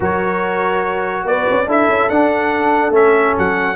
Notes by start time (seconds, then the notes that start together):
0.00 F#3 F#4 A#4 C#5
1.24 B3 B4 D5
1.50 C#4
1.66 D4 E4 A4 E5
1.88 C#4
2.09 D4 F#5
2.90 A3 C#4 E5
3.37 F#3 F#5